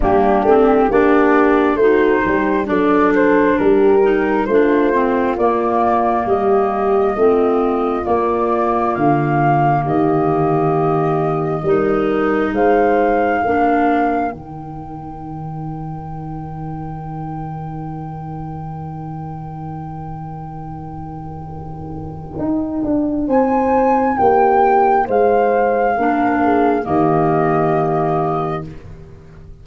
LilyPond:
<<
  \new Staff \with { instrumentName = "flute" } { \time 4/4 \tempo 4 = 67 g'4 d''4 c''4 d''8 c''8 | ais'4 c''4 d''4 dis''4~ | dis''4 d''4 f''4 dis''4~ | dis''2 f''2 |
g''1~ | g''1~ | g''2 gis''4 g''4 | f''2 dis''2 | }
  \new Staff \with { instrumentName = "horn" } { \time 4/4 d'4 g'4 fis'8 g'8 a'4 | g'4 f'2 g'4 | f'2. g'4~ | g'4 ais'4 c''4 ais'4~ |
ais'1~ | ais'1~ | ais'2 c''4 g'4 | c''4 ais'8 gis'8 g'2 | }
  \new Staff \with { instrumentName = "clarinet" } { \time 4/4 ais8 c'8 d'4 dis'4 d'4~ | d'8 dis'8 d'8 c'8 ais2 | c'4 ais2.~ | ais4 dis'2 d'4 |
dis'1~ | dis'1~ | dis'1~ | dis'4 d'4 ais2 | }
  \new Staff \with { instrumentName = "tuba" } { \time 4/4 g8 a8 ais4 a8 g8 fis4 | g4 a4 ais4 g4 | a4 ais4 d4 dis4~ | dis4 g4 gis4 ais4 |
dis1~ | dis1~ | dis4 dis'8 d'8 c'4 ais4 | gis4 ais4 dis2 | }
>>